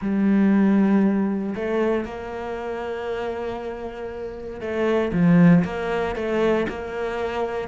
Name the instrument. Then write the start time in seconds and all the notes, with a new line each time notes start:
cello
0.01 G3
1.55 A3
2.04 A#3
4.60 A3
5.13 F3
5.64 A#3
6.15 A3
6.69 A#3